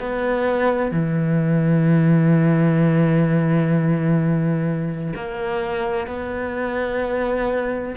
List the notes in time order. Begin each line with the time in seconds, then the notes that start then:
0.00 B3
0.92 E3
5.16 A#3
6.07 B3